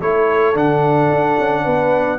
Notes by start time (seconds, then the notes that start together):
0.00 A3 E4 A4 C#5
0.54 D3 D4 F#5
1.11 D4
1.38 C#4
1.64 B3 B4